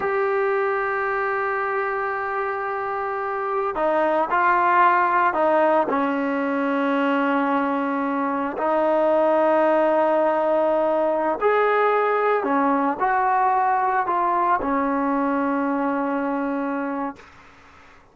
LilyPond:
\new Staff \with { instrumentName = "trombone" } { \time 4/4 \tempo 4 = 112 g'1~ | g'2. dis'4 | f'2 dis'4 cis'4~ | cis'1 |
dis'1~ | dis'4~ dis'16 gis'2 cis'8.~ | cis'16 fis'2 f'4 cis'8.~ | cis'1 | }